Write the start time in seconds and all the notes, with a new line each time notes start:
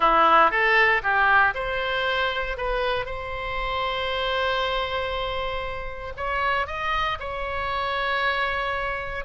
0.00 E4
0.50 A4
1.02 G4
1.54 C5
2.57 B4
3.05 C5
6.16 C#5
6.66 D#5
7.19 C#5